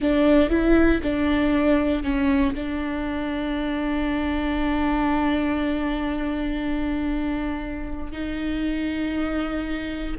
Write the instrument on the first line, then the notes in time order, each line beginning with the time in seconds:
viola
0.00 D4
0.49 E4
1.02 D4
2.03 C#4
2.54 D4
8.12 D#4